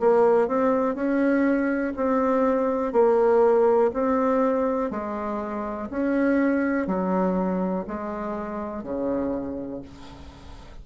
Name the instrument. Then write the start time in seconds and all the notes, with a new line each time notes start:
bassoon
0.00 A#3
0.48 C4
0.95 C#4
1.96 C4
2.93 A#3
3.93 C4
4.91 G#3
5.91 C#4
6.87 F#3
7.88 G#3
8.84 C#3